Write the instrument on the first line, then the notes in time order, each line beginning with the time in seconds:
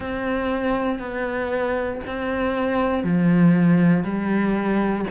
cello
0.00 C4
0.99 B3
2.06 C4
3.03 F3
4.03 G3